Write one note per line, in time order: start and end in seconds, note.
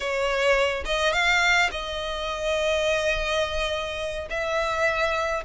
0.00 0.83 C#5
0.85 1.12 D#5
1.12 1.69 F5
1.71 4.28 D#5
4.29 5.44 E5